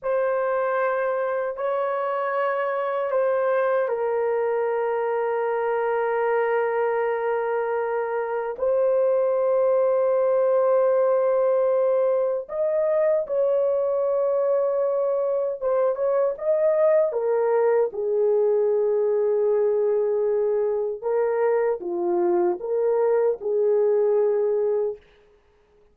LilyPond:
\new Staff \with { instrumentName = "horn" } { \time 4/4 \tempo 4 = 77 c''2 cis''2 | c''4 ais'2.~ | ais'2. c''4~ | c''1 |
dis''4 cis''2. | c''8 cis''8 dis''4 ais'4 gis'4~ | gis'2. ais'4 | f'4 ais'4 gis'2 | }